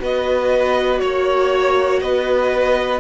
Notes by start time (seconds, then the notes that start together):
0.00 B3 F#4 B4 D#5
1.00 A#3 C#5
2.02 B3 B4 D#5